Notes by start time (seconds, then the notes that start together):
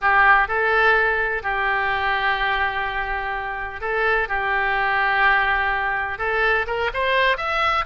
0.01 G4
0.48 A4
1.42 G4
3.81 A4
4.28 G4
6.18 A4
6.66 A#4
6.93 C5
7.37 E5